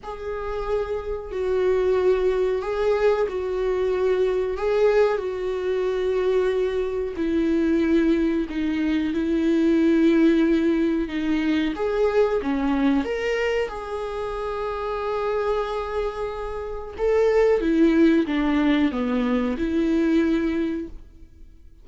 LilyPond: \new Staff \with { instrumentName = "viola" } { \time 4/4 \tempo 4 = 92 gis'2 fis'2 | gis'4 fis'2 gis'4 | fis'2. e'4~ | e'4 dis'4 e'2~ |
e'4 dis'4 gis'4 cis'4 | ais'4 gis'2.~ | gis'2 a'4 e'4 | d'4 b4 e'2 | }